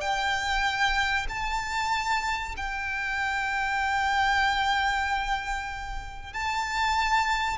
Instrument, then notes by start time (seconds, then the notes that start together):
violin
0.00 G5
1.29 A5
2.57 G5
6.33 A5